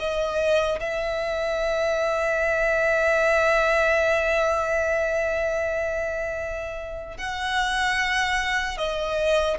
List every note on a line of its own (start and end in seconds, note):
0.00 0.80 D#5
0.80 7.18 E5
7.18 8.78 F#5
8.78 9.58 D#5